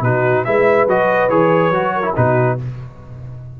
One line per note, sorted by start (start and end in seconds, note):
0.00 0.43 B2
0.00 0.45 D#4
0.00 0.46 F#4
0.00 0.44 B4
0.44 0.86 G#3
0.44 0.88 E4
0.44 1.95 B4
0.44 0.87 E5
0.86 1.29 F#3
0.86 1.30 F#4
0.86 1.29 D#5
1.29 1.70 E3
1.29 1.72 G#4
1.29 2.14 C#5
1.70 2.13 F#3
1.70 2.02 F#4
1.95 2.15 A#4
2.02 2.13 E4
2.15 2.60 B2
2.15 2.58 D#4
2.15 2.58 F#4
2.15 2.59 B4